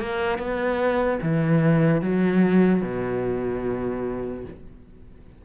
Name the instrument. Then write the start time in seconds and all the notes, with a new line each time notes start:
cello
0.00 A#3
0.39 B3
1.22 E3
2.02 F#3
2.82 B2